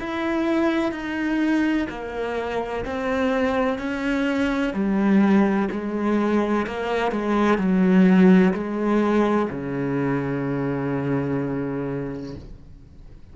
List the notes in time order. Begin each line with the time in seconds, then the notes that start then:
0.00 E4
0.92 D#4
1.89 A#3
2.85 C4
3.78 C#4
4.74 G3
5.71 G#3
6.67 A#3
7.11 G#3
7.58 F#3
8.54 G#3
9.50 C#3